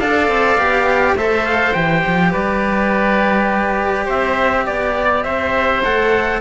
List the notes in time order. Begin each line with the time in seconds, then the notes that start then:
0.00 D4 A4 D5 F5
0.28 C4
0.58 B3 G4
1.13 A3 A4 C5 E5
1.46 F5
1.74 E3 G4 G5
2.08 F3
2.32 G3 B4 D5
4.06 C4 C5 E5
4.67 B3 D5
5.24 C4 C5 E5
5.83 A3 A4 F#5